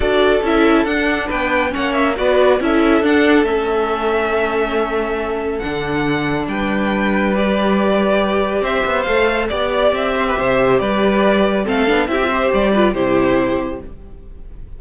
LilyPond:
<<
  \new Staff \with { instrumentName = "violin" } { \time 4/4 \tempo 4 = 139 d''4 e''4 fis''4 g''4 | fis''8 e''8 d''4 e''4 fis''4 | e''1~ | e''4 fis''2 g''4~ |
g''4 d''2. | e''4 f''4 d''4 e''4~ | e''4 d''2 f''4 | e''4 d''4 c''2 | }
  \new Staff \with { instrumentName = "violin" } { \time 4/4 a'2. b'4 | cis''4 b'4 a'2~ | a'1~ | a'2. b'4~ |
b'1 | c''2 d''4. c''16 b'16 | c''4 b'2 a'4 | g'8 c''4 b'8 g'2 | }
  \new Staff \with { instrumentName = "viola" } { \time 4/4 fis'4 e'4 d'2 | cis'4 fis'4 e'4 d'4 | cis'1~ | cis'4 d'2.~ |
d'4 g'2.~ | g'4 a'4 g'2~ | g'2. c'8 d'8 | e'16 f'16 g'4 f'8 e'2 | }
  \new Staff \with { instrumentName = "cello" } { \time 4/4 d'4 cis'4 d'4 b4 | ais4 b4 cis'4 d'4 | a1~ | a4 d2 g4~ |
g1 | c'8 b8 a4 b4 c'4 | c4 g2 a8 b8 | c'4 g4 c2 | }
>>